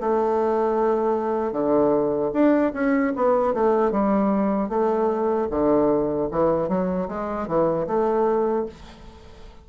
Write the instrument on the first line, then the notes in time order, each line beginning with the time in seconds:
bassoon
0.00 A3
1.52 D3
2.33 D4
2.73 C#4
3.16 B3
3.53 A3
3.91 G3
4.69 A3
5.50 D3
6.31 E3
6.68 F#3
7.08 G#3
7.47 E3
7.87 A3